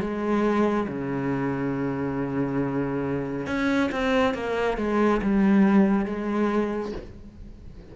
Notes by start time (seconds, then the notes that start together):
0.00 G#3
0.88 C#3
3.46 C#4
3.91 C4
4.34 A#3
4.77 G#3
5.22 G3
6.05 G#3